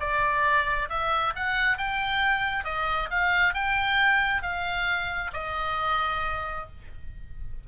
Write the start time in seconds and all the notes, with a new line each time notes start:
0.00 D5
0.89 E5
1.36 F#5
1.78 G5
2.65 D#5
3.11 F5
3.54 G5
4.42 F5
5.33 D#5